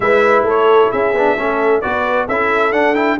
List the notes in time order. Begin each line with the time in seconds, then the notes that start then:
0.00 G#3 E4 B4 E5
0.42 A3 A4
0.48 C#5
0.91 C#4 G#4 E5
1.13 B3 D4
1.34 A3 C#4 A4
1.81 B3 F#4 B4 D5
2.27 C#4 E4 A4 E5
2.72 D4 F#5
2.95 E4 G5